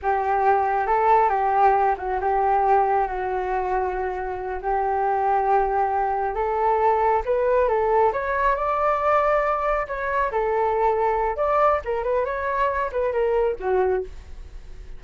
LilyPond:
\new Staff \with { instrumentName = "flute" } { \time 4/4 \tempo 4 = 137 g'2 a'4 g'4~ | g'8 fis'8 g'2 fis'4~ | fis'2~ fis'8 g'4.~ | g'2~ g'8 a'4.~ |
a'8 b'4 a'4 cis''4 d''8~ | d''2~ d''8 cis''4 a'8~ | a'2 d''4 ais'8 b'8 | cis''4. b'8 ais'4 fis'4 | }